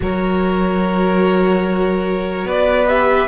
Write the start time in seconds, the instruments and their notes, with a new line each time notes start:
0.00 cello F#3, viola F#4, violin A#4 C#5
2.44 cello B3, violin B4 D5
2.88 viola G4, violin E5